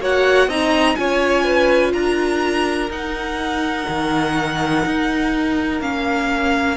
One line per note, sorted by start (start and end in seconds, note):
0.00 0.48 A#3
0.00 0.50 F#4
0.00 0.49 C#5
0.00 0.50 F#5
0.48 0.96 C4
0.48 0.97 D#4
0.48 0.97 D#5
0.48 0.96 A#5
0.96 1.94 C#4
0.96 2.91 F4
0.96 1.44 C#5
0.96 1.93 G#5
1.44 1.93 B4
1.94 2.90 D4
1.94 6.77 A#4
1.94 2.90 A#5
2.90 3.87 D#4
2.90 5.81 D#4
2.90 5.82 F#5
3.88 4.85 D#3
4.86 5.81 D#4
5.81 6.77 A#3
5.81 6.77 C#4
5.81 6.77 F5